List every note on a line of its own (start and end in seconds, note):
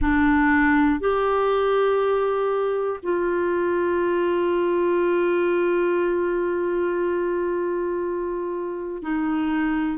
0.01 1.00 D4
1.00 3.00 G4
3.02 9.02 F4
9.02 9.98 D#4